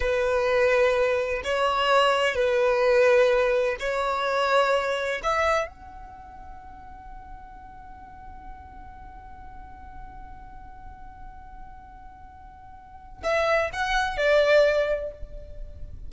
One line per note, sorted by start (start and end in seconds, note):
0.00 1.42 B4
1.43 2.35 C#5
2.35 3.76 B4
3.79 5.21 C#5
5.23 5.67 E5
5.67 13.23 F#5
13.23 13.70 E5
13.72 14.17 F#5
14.17 15.11 D5